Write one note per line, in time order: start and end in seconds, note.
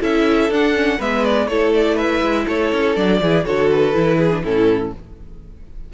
0.00 0.49 C#4
0.00 0.50 E4
0.00 0.98 A4
0.00 0.53 E5
0.49 0.99 D4
0.49 0.74 D4
0.49 1.01 F#5
0.74 0.99 C#4
0.98 1.47 G#3
0.98 1.49 B3
0.98 1.48 B4
0.98 1.25 E5
1.25 1.48 D5
1.47 2.21 A3
1.47 2.97 E4
1.47 1.95 A4
1.47 1.73 C#5
1.74 1.98 D5
1.95 2.45 B4
1.95 2.47 E5
2.21 2.46 G#3
2.47 2.72 A3
2.47 3.20 A4
2.47 2.96 C#5
2.72 2.97 C#4
2.96 3.21 F#3
2.96 3.21 D4
2.96 3.45 D5
3.21 3.46 E3
3.21 3.45 E4
3.21 3.45 G#4
3.45 3.95 D3
3.45 3.93 F#4
3.45 4.17 A4
3.45 3.70 C#5
3.71 4.43 B4
3.93 4.44 E3
3.93 4.30 E4
4.17 4.42 G#4
4.31 4.43 D4
4.43 4.93 A2
4.43 4.94 C#4
4.43 4.93 E4
4.43 4.93 A4